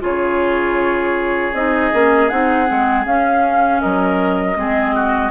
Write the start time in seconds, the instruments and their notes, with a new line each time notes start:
0.00 bassoon C#3, clarinet F4, oboe G#4, flute C#5
1.53 bassoon C4, clarinet D#4, flute D#5
1.92 bassoon A#3, clarinet C#4
2.29 bassoon C4, clarinet D#4, flute F#5
2.67 bassoon G#3, clarinet C4
3.05 bassoon C#4, clarinet C#4, flute F5
3.81 bassoon F#3, oboe A#4, flute D#5
4.56 bassoon G#3, clarinet C4, oboe G#4
4.95 oboe F#4